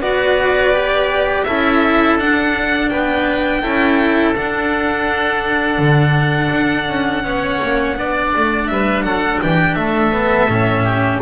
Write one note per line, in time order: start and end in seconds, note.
0.00 1.45 B3
0.00 0.74 F#4
0.00 1.47 B4
0.00 1.44 D5
0.74 1.47 G4
1.44 2.18 C#4
1.44 2.20 E4
1.44 2.92 A4
1.44 2.17 E5
2.18 2.90 D4
2.18 3.63 D4
2.18 2.90 F#5
2.90 3.64 B3
2.90 3.62 B4
2.90 4.34 G5
3.62 4.36 C#4
3.62 4.35 E4
3.62 7.24 A4
4.36 7.24 D4
4.36 5.78 D4
4.36 8.67 F#5
5.78 6.50 D3
6.52 6.89 D4
6.89 7.24 C#4
7.24 7.60 B3
7.24 7.96 C#4
7.24 7.98 C#5
7.63 7.98 A#3
7.97 8.34 B3
7.97 10.12 D4
7.97 8.71 D5
8.36 8.70 A3
8.67 9.03 G3
8.67 9.05 B4
8.67 9.03 E5
9.03 9.40 F#3
9.03 9.41 A4
9.03 9.39 F#5
9.42 9.77 E3
9.42 9.79 G4
9.42 9.75 G5
9.75 10.48 A3
9.75 10.84 A4
9.75 11.20 E5
10.12 10.48 B3
10.48 11.21 A2
10.48 11.22 C#4
10.84 11.20 G4